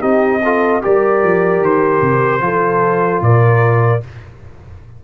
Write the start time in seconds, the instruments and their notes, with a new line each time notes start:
0.00 tuba C4, trombone D#4, horn G4, trumpet D#5
0.43 trombone F4, horn A4
0.82 tuba G3, trombone G4, horn A#4, trumpet D5
1.23 tuba F3
1.60 tuba D#3, trumpet C5
2.01 tuba C3
2.40 tuba F3, trombone F4, horn A4
3.21 tuba A#2, horn A#4, trumpet D5